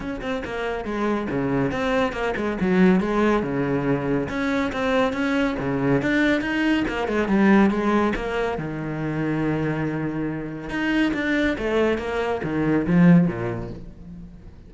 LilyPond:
\new Staff \with { instrumentName = "cello" } { \time 4/4 \tempo 4 = 140 cis'8 c'8 ais4 gis4 cis4 | c'4 ais8 gis8 fis4 gis4 | cis2 cis'4 c'4 | cis'4 cis4 d'4 dis'4 |
ais8 gis8 g4 gis4 ais4 | dis1~ | dis4 dis'4 d'4 a4 | ais4 dis4 f4 ais,4 | }